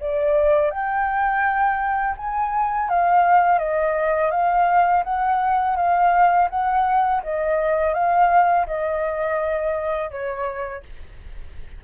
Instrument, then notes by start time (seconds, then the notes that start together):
flute
0.00 D5
0.71 G5
2.17 G#5
2.89 F5
3.58 D#5
4.31 F5
5.04 F#5
5.76 F5
6.50 F#5
7.23 D#5
7.94 F5
8.67 D#5
10.11 C#5